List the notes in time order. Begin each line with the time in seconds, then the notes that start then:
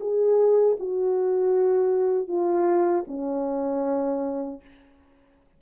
0.00 G#4
0.79 F#4
2.28 F4
3.07 C#4